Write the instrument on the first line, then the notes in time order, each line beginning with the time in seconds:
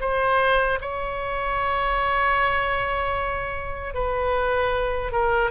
oboe
0.00 C5
0.81 C#5
3.94 B4
5.12 A#4